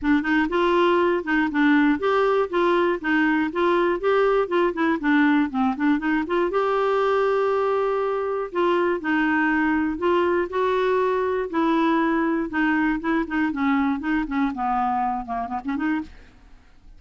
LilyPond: \new Staff \with { instrumentName = "clarinet" } { \time 4/4 \tempo 4 = 120 d'8 dis'8 f'4. dis'8 d'4 | g'4 f'4 dis'4 f'4 | g'4 f'8 e'8 d'4 c'8 d'8 | dis'8 f'8 g'2.~ |
g'4 f'4 dis'2 | f'4 fis'2 e'4~ | e'4 dis'4 e'8 dis'8 cis'4 | dis'8 cis'8 b4. ais8 b16 cis'16 dis'8 | }